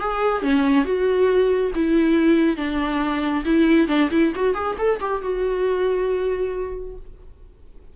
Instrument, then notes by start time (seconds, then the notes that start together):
viola
0.00 G#4
0.43 C#4
0.85 F#4
1.75 E4
2.57 D4
3.45 E4
3.88 D4
4.11 E4
4.36 F#4
4.55 G#4
4.78 A4
5.01 G4
5.22 F#4